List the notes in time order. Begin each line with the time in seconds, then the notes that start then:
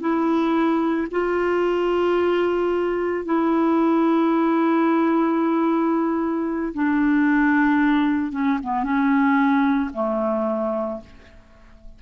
0.00 E4
1.11 F4
3.25 E4
6.74 D4
8.32 C#4
8.62 B3
8.83 C#4
9.93 A3